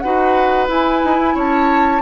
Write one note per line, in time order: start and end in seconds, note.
0.00 0.69 D#4
0.00 0.68 F#4
0.00 1.35 B4
0.00 0.67 F#5
0.68 2.01 E4
0.68 1.02 E4
0.68 1.38 G#5
1.05 1.18 D#4
1.18 1.35 E4
1.35 2.02 C#4
1.35 2.02 C#5
1.35 2.02 A5